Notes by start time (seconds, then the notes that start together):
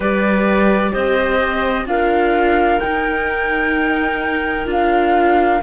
0.00 G3 G4 B4 D5
0.92 C4 C5 D#5
1.85 D4 F4 A#4 F5
2.79 D#4 G5
4.65 D4 F4
4.71 F5